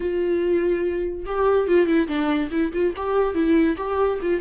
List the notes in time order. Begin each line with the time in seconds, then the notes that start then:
0.00 F4
1.25 G4
1.67 F4
1.86 E4
2.07 D4
2.51 E4
2.72 F4
2.96 G4
3.34 E4
3.77 G4
4.21 F4